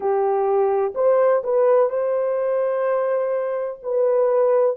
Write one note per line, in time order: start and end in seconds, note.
0.00 0.93 G4
0.94 1.42 C5
1.43 1.89 B4
1.89 3.80 C5
3.83 4.76 B4